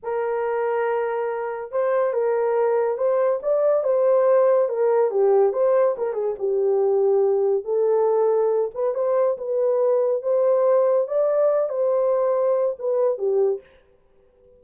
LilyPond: \new Staff \with { instrumentName = "horn" } { \time 4/4 \tempo 4 = 141 ais'1 | c''4 ais'2 c''4 | d''4 c''2 ais'4 | g'4 c''4 ais'8 gis'8 g'4~ |
g'2 a'2~ | a'8 b'8 c''4 b'2 | c''2 d''4. c''8~ | c''2 b'4 g'4 | }